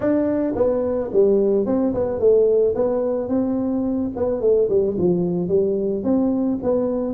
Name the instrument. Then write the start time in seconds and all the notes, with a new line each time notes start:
tuba
0.00 D4
0.55 B3
1.13 G3
1.66 C4
1.93 B3
2.19 A3
2.75 B3
3.28 C4
4.16 B3
4.40 A3
4.69 G3
4.98 F3
5.48 G3
6.03 C4
6.62 B3